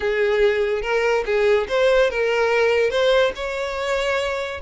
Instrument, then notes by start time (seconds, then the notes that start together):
violin
0.00 G#4
0.82 A#4
1.25 G#4
1.68 C5
2.10 A#4
2.90 C5
3.35 C#5